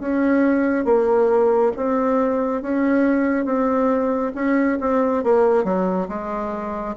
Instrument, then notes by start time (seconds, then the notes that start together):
bassoon
0.00 C#4
0.85 A#3
1.76 C4
2.62 C#4
3.45 C4
4.34 C#4
4.80 C4
5.23 A#3
5.64 F#3
6.08 G#3